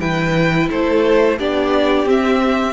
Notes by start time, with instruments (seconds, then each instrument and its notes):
0.00 cello E3, viola E4, violin B4 G5
0.70 cello A3, violin A4 C5
1.38 cello B3, viola D4, violin G4 D5
2.06 cello C4, viola C4, violin E5